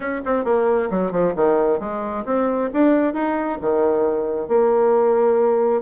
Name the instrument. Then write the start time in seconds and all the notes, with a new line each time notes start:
bassoon
0.00 C#4
0.25 C4
0.44 A#3
0.90 F#3
1.11 F3
1.35 D#3
1.79 G#3
2.25 C4
2.73 D4
3.13 D#4
3.61 D#3
4.48 A#3